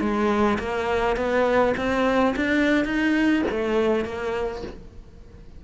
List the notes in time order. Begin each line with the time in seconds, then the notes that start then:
0.00 G#3
0.59 A#3
1.16 B3
1.77 C4
2.36 D4
2.85 D#4
3.51 A3
4.05 A#3